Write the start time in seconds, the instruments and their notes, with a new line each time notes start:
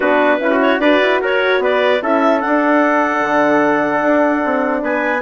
0.00 bassoon B3, horn D4, trumpet F#4, clarinet B4
0.40 bassoon C#4, horn E4, trumpet B4
0.50 trumpet F#4
0.61 clarinet C#5
0.79 bassoon D4, horn F#4, trumpet B4, clarinet D5
1.02 bassoon E4
1.21 bassoon F#4, trumpet A#4, clarinet C#5
1.59 bassoon B3, trumpet B4, clarinet D5
2.02 bassoon C#4, horn E4, trumpet A4, clarinet E5
2.40 horn D4, bassoon D4, clarinet F#5
3.20 bassoon D3
4.01 bassoon D4
4.44 bassoon C4
4.81 bassoon B3, trumpet B4, clarinet G#5